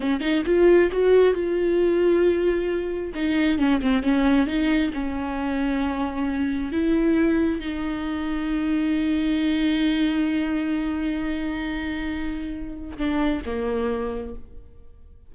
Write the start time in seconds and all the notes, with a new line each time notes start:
0.00 C#4
0.20 D#4
0.45 F4
0.91 F#4
1.34 F4
3.14 D#4
3.58 C#4
3.81 C4
4.02 C#4
4.47 D#4
4.93 C#4
6.71 E4
7.60 D#4
12.97 D4
13.45 A#3